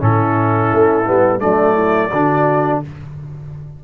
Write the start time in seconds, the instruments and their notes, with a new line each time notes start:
0.00 tuba A2, trombone C#4, horn E4, trumpet A4
0.73 tuba A3
1.06 tuba G3, trombone B3
1.39 tuba F#3, trombone A3, horn D4, trumpet D5
1.74 horn E4
2.12 tuba D3, trombone D4, horn F#4